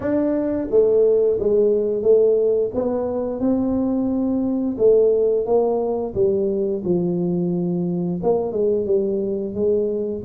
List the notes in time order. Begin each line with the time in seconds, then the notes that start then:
0.00 D4
0.70 A3
1.39 G#3
2.02 A3
2.74 B3
3.40 C4
4.77 A3
5.45 A#3
6.14 G3
6.84 F3
8.23 A#3
8.52 G#3
8.86 G3
9.54 G#3